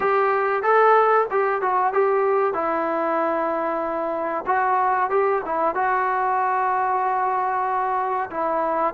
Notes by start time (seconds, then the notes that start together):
0.00 G4
0.62 A4
1.30 G4
1.61 F#4
1.93 G4
2.53 E4
4.46 F#4
5.09 G4
5.45 E4
5.74 F#4
8.30 E4